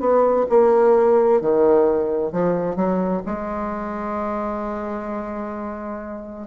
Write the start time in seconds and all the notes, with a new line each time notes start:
0.00 B3
0.49 A#3
1.41 D#3
2.32 F3
2.76 F#3
3.26 G#3